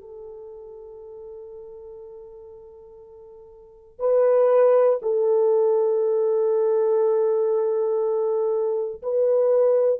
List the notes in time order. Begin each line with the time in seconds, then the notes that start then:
0.00 A4
3.99 B4
5.02 A4
9.02 B4